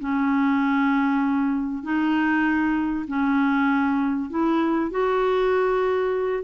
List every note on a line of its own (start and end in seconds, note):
0.00 1.83 C#4
1.83 3.06 D#4
3.08 4.30 C#4
4.30 4.91 E4
4.91 6.44 F#4